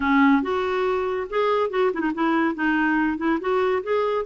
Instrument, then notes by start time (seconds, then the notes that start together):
clarinet
0.00 C#4
0.42 F#4
1.29 G#4
1.70 F#4
1.93 E4
2.00 D#4
2.14 E4
2.54 D#4
3.17 E4
3.40 F#4
3.83 G#4